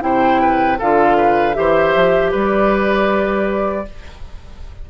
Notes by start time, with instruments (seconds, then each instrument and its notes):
0.00 bassoon C3, clarinet E4, oboe C5, flute G5
0.41 oboe B4
0.78 bassoon D3, clarinet F4, oboe A4, flute F5
1.17 oboe B4
1.54 bassoon E3, clarinet G4, oboe C5, flute E5
1.95 bassoon F3
2.31 bassoon G3, oboe B4, flute D5